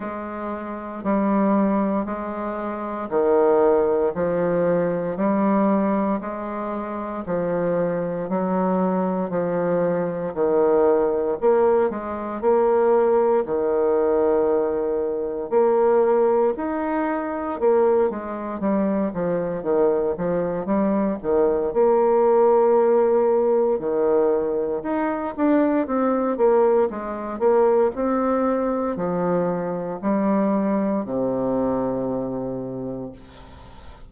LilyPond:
\new Staff \with { instrumentName = "bassoon" } { \time 4/4 \tempo 4 = 58 gis4 g4 gis4 dis4 | f4 g4 gis4 f4 | fis4 f4 dis4 ais8 gis8 | ais4 dis2 ais4 |
dis'4 ais8 gis8 g8 f8 dis8 f8 | g8 dis8 ais2 dis4 | dis'8 d'8 c'8 ais8 gis8 ais8 c'4 | f4 g4 c2 | }